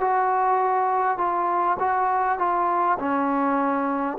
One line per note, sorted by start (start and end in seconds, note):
0.00 1.18 F#4
1.18 1.77 F4
1.79 2.38 F#4
2.38 2.98 F4
2.99 4.18 C#4